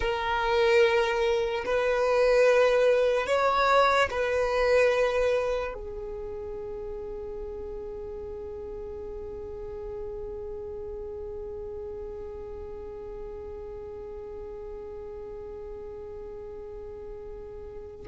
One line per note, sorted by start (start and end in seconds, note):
0.00 1.64 A#4
1.65 3.27 B4
3.27 4.09 C#5
4.10 5.73 B4
5.73 18.06 G#4